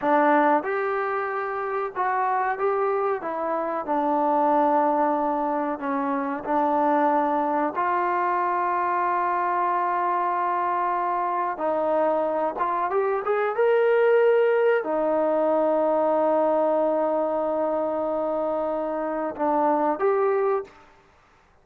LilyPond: \new Staff \with { instrumentName = "trombone" } { \time 4/4 \tempo 4 = 93 d'4 g'2 fis'4 | g'4 e'4 d'2~ | d'4 cis'4 d'2 | f'1~ |
f'2 dis'4. f'8 | g'8 gis'8 ais'2 dis'4~ | dis'1~ | dis'2 d'4 g'4 | }